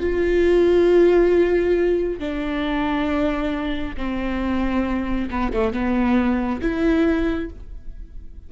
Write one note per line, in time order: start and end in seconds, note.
0.00 2.19 F4
2.19 3.96 D4
3.97 5.29 C4
5.30 5.52 B3
5.53 5.72 A3
5.72 6.61 B3
6.61 7.50 E4